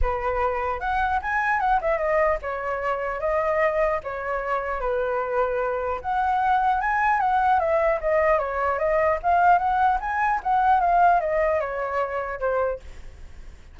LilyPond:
\new Staff \with { instrumentName = "flute" } { \time 4/4 \tempo 4 = 150 b'2 fis''4 gis''4 | fis''8 e''8 dis''4 cis''2 | dis''2 cis''2 | b'2. fis''4~ |
fis''4 gis''4 fis''4 e''4 | dis''4 cis''4 dis''4 f''4 | fis''4 gis''4 fis''4 f''4 | dis''4 cis''2 c''4 | }